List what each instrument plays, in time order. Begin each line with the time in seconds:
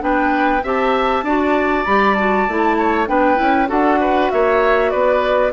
0.00 bassoon B3, clarinet D4, oboe B4, flute G5
0.63 bassoon C4, clarinet G4, oboe E5, flute A5
1.23 bassoon D4, clarinet F#4, oboe D5
1.86 bassoon G3, clarinet G4, flute B5
2.15 clarinet F#4, flute A5
2.48 bassoon A3, clarinet E4
2.78 oboe C#5
3.07 bassoon B3, clarinet D4, oboe B4, flute G5
3.36 bassoon C#4, clarinet E4
3.68 bassoon D4, clarinet F#4, oboe A4, flute F#5
4.01 oboe B4
4.31 bassoon A#3, oboe C#5, flute E5
4.91 bassoon B3, oboe B4, flute D5